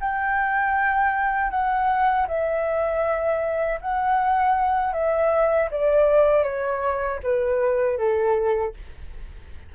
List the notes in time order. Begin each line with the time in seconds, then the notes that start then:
0.00 G5
1.51 F#5
2.28 E5
3.81 F#5
4.93 E5
5.71 D5
6.43 C#5
7.23 B4
7.98 A4